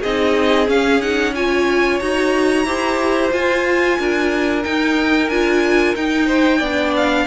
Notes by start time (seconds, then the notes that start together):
0.00 C4 D#4 G#4 D#5
0.66 C#4 F5
1.01 D#4 F#5
1.35 F4 C#5 G#5
1.99 D#4 F#4 A#5
2.65 E4 G4 C5
3.31 F4 G#5
3.99 D4 A#4
4.63 D#4 G5
5.29 D4 F4 G#5
5.96 D#4 G5
6.27 C5
6.58 B3 D4 D5
6.96 F5